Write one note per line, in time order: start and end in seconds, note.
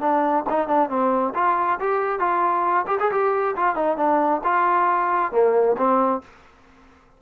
0.00 0.44 D4
0.49 0.68 D#4
0.68 0.89 D4
0.89 1.33 C4
1.35 1.79 F4
1.79 2.19 G4
2.19 2.86 F4
2.87 2.98 G4
3.00 3.11 G#4
3.11 3.56 G4
3.56 3.75 F4
3.75 3.97 D#4
3.97 4.41 D4
4.44 5.32 F4
5.32 5.76 A#3
5.77 6.21 C4